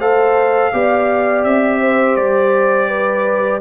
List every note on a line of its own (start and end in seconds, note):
0.00 0.73 A3
0.00 0.73 A4
0.00 0.72 C5
0.00 1.45 F5
0.73 1.45 B3
0.73 3.61 G4
0.73 1.81 D5
1.45 2.17 C4
1.45 2.16 E5
1.81 2.89 C5
2.16 3.61 G3
2.16 3.61 D5
2.89 3.61 B4